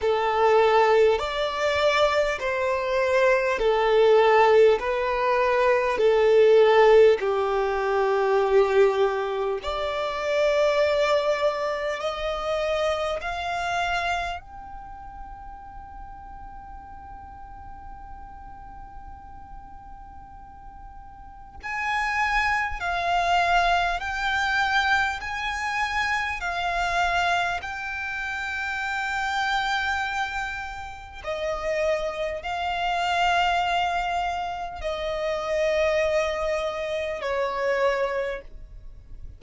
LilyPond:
\new Staff \with { instrumentName = "violin" } { \time 4/4 \tempo 4 = 50 a'4 d''4 c''4 a'4 | b'4 a'4 g'2 | d''2 dis''4 f''4 | g''1~ |
g''2 gis''4 f''4 | g''4 gis''4 f''4 g''4~ | g''2 dis''4 f''4~ | f''4 dis''2 cis''4 | }